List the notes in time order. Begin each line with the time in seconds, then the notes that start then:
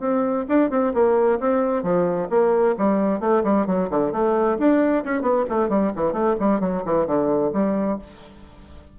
0.00 C4
0.48 D4
0.70 C4
0.94 A#3
1.40 C4
1.83 F3
2.30 A#3
2.78 G3
3.20 A3
3.44 G3
3.67 F#3
3.90 D3
4.12 A3
4.59 D4
5.05 C#4
5.22 B3
5.50 A3
5.69 G3
5.96 E3
6.13 A3
6.40 G3
6.60 F#3
6.85 E3
7.07 D3
7.53 G3